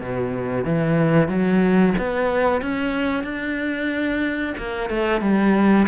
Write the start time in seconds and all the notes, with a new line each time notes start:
0.00 B2
0.64 E3
1.28 F#3
1.98 B3
2.61 C#4
3.23 D4
4.57 A#3
4.89 A3
5.21 G3